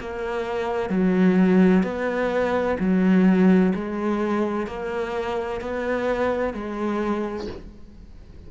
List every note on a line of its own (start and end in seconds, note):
0.00 0.89 A#3
0.89 1.83 F#3
1.83 2.77 B3
2.80 3.73 F#3
3.75 4.67 G#3
4.67 5.61 A#3
5.61 6.53 B3
6.53 7.47 G#3